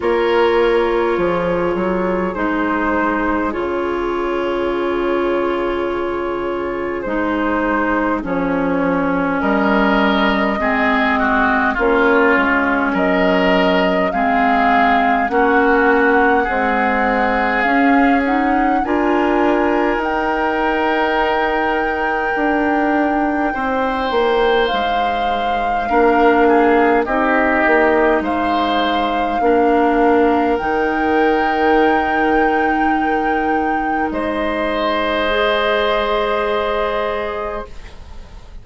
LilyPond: <<
  \new Staff \with { instrumentName = "flute" } { \time 4/4 \tempo 4 = 51 cis''2 c''4 cis''4~ | cis''2 c''4 cis''4 | dis''2 cis''4 dis''4 | f''4 fis''2 f''8 fis''8 |
gis''4 g''2.~ | g''4 f''2 dis''4 | f''2 g''2~ | g''4 dis''2. | }
  \new Staff \with { instrumentName = "oboe" } { \time 4/4 ais'4 gis'2.~ | gis'1 | ais'4 gis'8 fis'8 f'4 ais'4 | gis'4 fis'4 gis'2 |
ais'1 | c''2 ais'8 gis'8 g'4 | c''4 ais'2.~ | ais'4 c''2. | }
  \new Staff \with { instrumentName = "clarinet" } { \time 4/4 f'2 dis'4 f'4~ | f'2 dis'4 cis'4~ | cis'4 c'4 cis'2 | c'4 cis'4 gis4 cis'8 dis'8 |
f'4 dis'2.~ | dis'2 d'4 dis'4~ | dis'4 d'4 dis'2~ | dis'2 gis'2 | }
  \new Staff \with { instrumentName = "bassoon" } { \time 4/4 ais4 f8 fis8 gis4 cis4~ | cis2 gis4 f4 | g4 gis4 ais8 gis8 fis4 | gis4 ais4 c'4 cis'4 |
d'4 dis'2 d'4 | c'8 ais8 gis4 ais4 c'8 ais8 | gis4 ais4 dis2~ | dis4 gis2. | }
>>